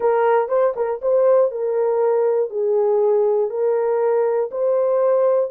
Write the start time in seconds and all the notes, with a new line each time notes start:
0.00 A#4
0.48 C5
0.75 A#4
1.01 C5
1.51 A#4
2.50 G#4
3.50 A#4
4.51 C5